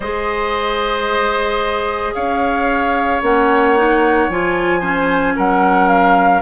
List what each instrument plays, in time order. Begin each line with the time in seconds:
0.00 bassoon G#3, clarinet G#4, oboe C5, flute D#5
2.14 bassoon C#4, oboe C#5, flute F5
3.21 bassoon A#3, clarinet C#4, flute F#5
3.76 clarinet D#4
4.28 bassoon F3, clarinet F4, flute G#5
4.80 clarinet C#4, oboe C5
5.36 bassoon F#3, oboe A#4, flute F#5
5.88 flute F5